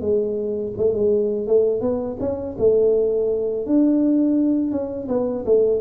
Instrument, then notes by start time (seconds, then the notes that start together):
tuba
0.00 G#3
0.77 A3
0.93 G#3
1.47 A3
1.81 B3
2.19 C#4
2.58 A3
3.66 D4
4.71 C#4
5.08 B3
5.45 A3